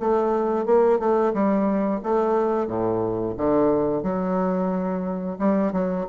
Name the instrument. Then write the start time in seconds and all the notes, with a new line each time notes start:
bassoon
0.00 A3
0.65 A#3
0.99 A3
1.33 G3
2.03 A3
2.67 A2
3.37 D3
4.03 F#3
5.39 G3
5.72 F#3